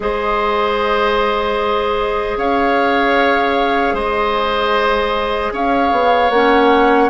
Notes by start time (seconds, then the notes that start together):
0.00 G#3 G#4 C5 D#5
2.37 C#4 C#5 F5
3.93 G#3 C5 D#5
5.52 C#4 C#5 F5
5.91 B3
6.30 A#3 C#4 F#5